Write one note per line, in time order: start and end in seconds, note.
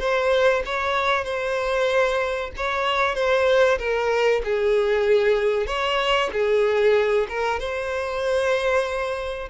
0.00 0.63 C5
0.66 1.25 C#5
1.25 2.51 C5
2.57 3.16 C#5
3.16 3.79 C5
3.79 4.42 A#4
4.45 5.67 G#4
5.67 6.30 C#5
6.33 7.28 G#4
7.29 7.60 A#4
7.60 9.49 C5